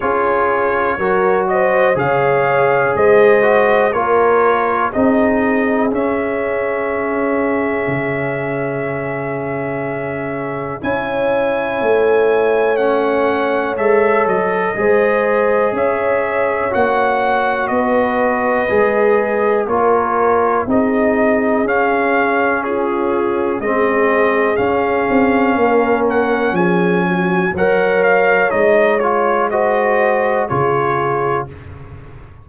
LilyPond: <<
  \new Staff \with { instrumentName = "trumpet" } { \time 4/4 \tempo 4 = 61 cis''4. dis''8 f''4 dis''4 | cis''4 dis''4 e''2~ | e''2. gis''4~ | gis''4 fis''4 e''8 dis''4. |
e''4 fis''4 dis''2 | cis''4 dis''4 f''4 gis'4 | dis''4 f''4. fis''8 gis''4 | fis''8 f''8 dis''8 cis''8 dis''4 cis''4 | }
  \new Staff \with { instrumentName = "horn" } { \time 4/4 gis'4 ais'8 c''8 cis''4 c''4 | ais'4 gis'2.~ | gis'2. cis''4~ | cis''2. c''4 |
cis''2 b'2 | ais'4 gis'2 f'4 | gis'2 ais'4 gis'8 fis'8 | cis''2 c''4 gis'4 | }
  \new Staff \with { instrumentName = "trombone" } { \time 4/4 f'4 fis'4 gis'4. fis'8 | f'4 dis'4 cis'2~ | cis'2. e'4~ | e'4 cis'4 a'4 gis'4~ |
gis'4 fis'2 gis'4 | f'4 dis'4 cis'2 | c'4 cis'2. | ais'4 dis'8 f'8 fis'4 f'4 | }
  \new Staff \with { instrumentName = "tuba" } { \time 4/4 cis'4 fis4 cis4 gis4 | ais4 c'4 cis'2 | cis2. cis'4 | a2 gis8 fis8 gis4 |
cis'4 ais4 b4 gis4 | ais4 c'4 cis'2 | gis4 cis'8 c'8 ais4 f4 | fis4 gis2 cis4 | }
>>